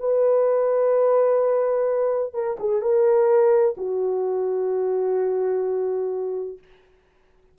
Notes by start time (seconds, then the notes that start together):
0.00 B4
2.34 A#4
2.60 G#4
2.82 A#4
3.78 F#4